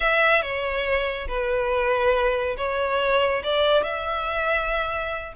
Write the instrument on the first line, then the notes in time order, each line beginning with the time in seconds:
violin
0.00 E5
0.41 C#5
1.27 B4
2.57 C#5
3.43 D5
3.83 E5